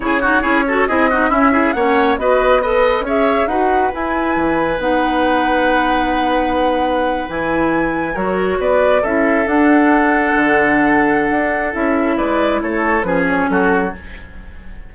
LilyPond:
<<
  \new Staff \with { instrumentName = "flute" } { \time 4/4 \tempo 4 = 138 cis''2 dis''4 e''4 | fis''4 dis''4 b'4 e''4 | fis''4 gis''2 fis''4~ | fis''1~ |
fis''8. gis''2 cis''4 d''16~ | d''8. e''4 fis''2~ fis''16~ | fis''2. e''4 | d''4 cis''4 b'8 cis''8 a'4 | }
  \new Staff \with { instrumentName = "oboe" } { \time 4/4 gis'8 fis'8 gis'8 a'8 gis'8 fis'8 e'8 gis'8 | cis''4 b'4 dis''4 cis''4 | b'1~ | b'1~ |
b'2~ b'8. ais'4 b'16~ | b'8. a'2.~ a'16~ | a'1 | b'4 a'4 gis'4 fis'4 | }
  \new Staff \with { instrumentName = "clarinet" } { \time 4/4 e'8 dis'8 e'8 fis'8 e'8 dis'8 cis'8 e'8 | cis'4 fis'4 a'4 gis'4 | fis'4 e'2 dis'4~ | dis'1~ |
dis'8. e'2 fis'4~ fis'16~ | fis'8. e'4 d'2~ d'16~ | d'2. e'4~ | e'2 cis'2 | }
  \new Staff \with { instrumentName = "bassoon" } { \time 4/4 cis4 cis'4 c'4 cis'4 | ais4 b2 cis'4 | dis'4 e'4 e4 b4~ | b1~ |
b8. e2 fis4 b16~ | b8. cis'4 d'2 d16~ | d2 d'4 cis'4 | gis4 a4 f4 fis4 | }
>>